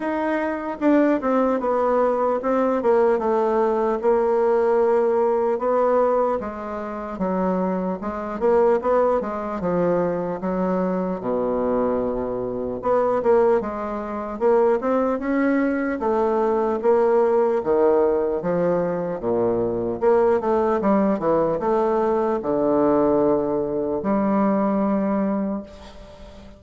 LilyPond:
\new Staff \with { instrumentName = "bassoon" } { \time 4/4 \tempo 4 = 75 dis'4 d'8 c'8 b4 c'8 ais8 | a4 ais2 b4 | gis4 fis4 gis8 ais8 b8 gis8 | f4 fis4 b,2 |
b8 ais8 gis4 ais8 c'8 cis'4 | a4 ais4 dis4 f4 | ais,4 ais8 a8 g8 e8 a4 | d2 g2 | }